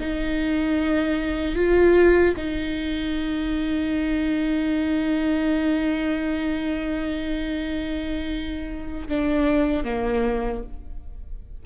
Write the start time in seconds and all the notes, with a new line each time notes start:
0.00 D#4
1.55 F4
2.37 D#4
9.09 D4
9.84 A#3